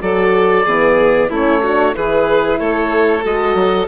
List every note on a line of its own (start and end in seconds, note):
0.00 0.66 F#3
0.00 0.65 F#4
0.00 0.66 A4
0.00 1.31 D5
0.66 1.30 E3
0.66 1.31 B3
0.66 1.30 G#4
1.30 1.94 A3
1.30 1.63 C#4
1.30 1.62 E4
1.30 1.96 C#5
1.62 1.93 D4
1.62 1.95 F#4
1.93 2.60 E3
1.93 3.22 E4
1.93 2.60 G#4
1.93 2.59 B4
2.59 3.24 A3
2.59 3.88 A4
2.59 3.24 C#5
3.23 3.54 G#3
3.23 3.87 F#4
3.23 3.88 D#5
3.54 3.87 F#3